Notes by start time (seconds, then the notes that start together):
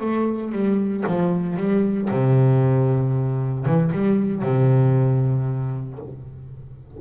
0.00 A3
0.52 G3
1.07 F3
1.57 G3
2.10 C3
3.66 E3
3.92 G3
4.42 C3